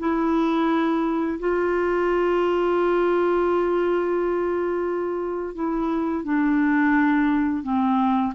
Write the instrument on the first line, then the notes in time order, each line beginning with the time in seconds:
clarinet
0.00 E4
1.40 F4
5.55 E4
6.25 D4
7.63 C4